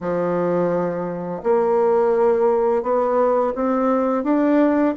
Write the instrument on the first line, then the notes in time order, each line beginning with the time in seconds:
bassoon
0.01 F3
1.43 A#3
2.82 B3
3.55 C4
4.23 D4